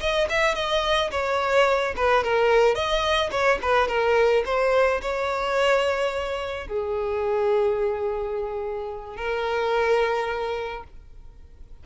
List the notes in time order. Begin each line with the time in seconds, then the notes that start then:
0.00 D#5
0.30 E5
0.55 D#5
1.11 C#5
1.96 B4
2.24 A#4
2.75 D#5
3.31 C#5
3.62 B4
3.88 A#4
4.45 C5
5.01 C#5
6.67 G#4
9.17 A#4